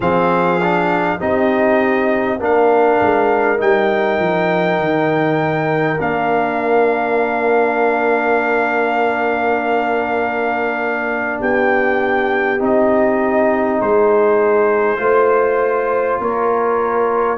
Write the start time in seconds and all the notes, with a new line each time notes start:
0.00 F3 C4 G#4 F5
0.62 D4
1.19 C4 D#4 G4 D#5
2.40 A#3 D4 A#4 F5
3.01 G#3
3.57 G3 D#4 G5
4.18 F3
4.78 D#3
5.99 A#3 D4 F5
11.39 B3 G4 G5
12.59 C4 D#4 D#5
13.79 G#3 G#4 C5
14.97 A3 F4 C5
16.19 A#3 A#4 C#5